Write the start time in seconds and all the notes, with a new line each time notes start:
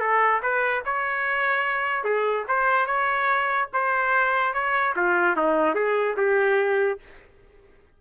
0.00 A4
0.42 B4
0.85 C#5
2.04 G#4
2.48 C5
2.86 C#5
3.73 C5
4.53 C#5
4.96 F4
5.36 D#4
5.75 G#4
6.17 G4